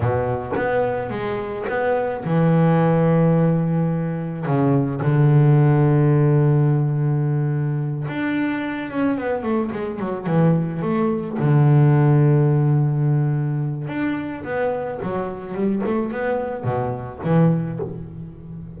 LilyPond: \new Staff \with { instrumentName = "double bass" } { \time 4/4 \tempo 4 = 108 b,4 b4 gis4 b4 | e1 | cis4 d2.~ | d2~ d8 d'4. |
cis'8 b8 a8 gis8 fis8 e4 a8~ | a8 d2.~ d8~ | d4 d'4 b4 fis4 | g8 a8 b4 b,4 e4 | }